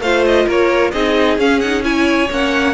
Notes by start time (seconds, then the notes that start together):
0.00 A3 F4 C5 F5
0.26 D#5
0.46 A#3 A#4 C#5
0.91 C4 D#4 G#4 D#5
1.37 C#4 F5
1.59 D#4 F#5
1.82 E4 C#5 G#5
2.30 A#3 C#4 F#5